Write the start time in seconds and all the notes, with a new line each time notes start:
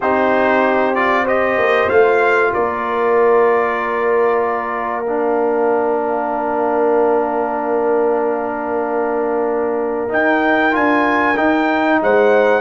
0.00 C4 D#4 G4 C5
0.94 F4 D5
1.23 G4 C5 D#5
1.57 A#3
1.89 A3 F4 F5
2.52 A#3 A#4 D5
5.05 D4 F5
10.09 D#4 G5
10.71 D4 F4 G#5
11.36 D#4 G5
12.01 G#3 C5 F#5